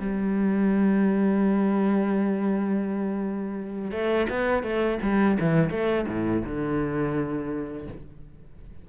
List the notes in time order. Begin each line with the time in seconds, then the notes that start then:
0.00 G3
3.92 A3
4.30 B3
4.63 A3
5.03 G3
5.40 E3
5.70 A3
6.08 A2
6.45 D3